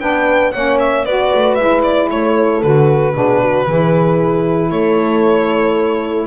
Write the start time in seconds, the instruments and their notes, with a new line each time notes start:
0.00 double bass B3, saxophone D4, horn B4, violin G5
0.52 double bass A#3, saxophone C#4, horn C#5, violin F#5
0.79 violin E5
1.05 double bass B3, saxophone F#4, horn B4, violin D5
1.34 double bass A3
1.55 double bass G#3, saxophone E4, violin E5
1.83 violin D5
2.10 double bass A3, horn A4, violin C#5
2.62 double bass D3, saxophone F#4, violin B4
3.13 double bass B2, saxophone D4, horn G#4
3.42 horn F#4
3.67 double bass E3, saxophone E4, horn G#4
4.71 double bass A3, horn A4, violin C#5